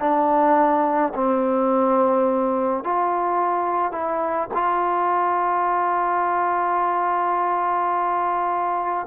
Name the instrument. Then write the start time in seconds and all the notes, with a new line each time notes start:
trombone
0.00 D4
1.15 C4
2.84 F4
3.92 E4
4.54 F4